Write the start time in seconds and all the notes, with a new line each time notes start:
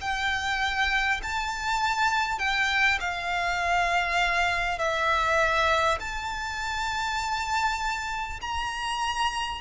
0.00 G5
1.22 A5
2.38 G5
3.00 F5
4.78 E5
5.99 A5
8.41 A#5